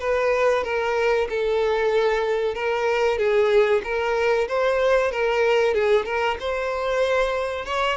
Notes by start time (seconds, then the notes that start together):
0.00 B4
0.64 A#4
1.30 A4
2.55 A#4
3.18 G#4
3.84 A#4
4.49 C5
5.12 A#4
5.74 G#4
6.06 A#4
6.40 C5
7.66 C#5